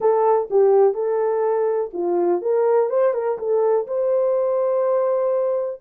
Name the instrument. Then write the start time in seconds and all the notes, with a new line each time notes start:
horn
0.00 A4
0.50 G4
0.94 A4
1.93 F4
2.41 A#4
2.89 C5
3.13 A#4
3.38 A4
3.87 C5